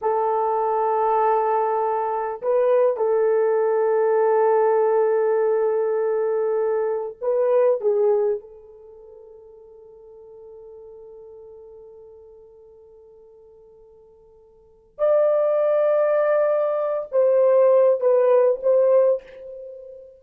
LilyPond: \new Staff \with { instrumentName = "horn" } { \time 4/4 \tempo 4 = 100 a'1 | b'4 a'2.~ | a'1 | b'4 gis'4 a'2~ |
a'1~ | a'1~ | a'4 d''2.~ | d''8 c''4. b'4 c''4 | }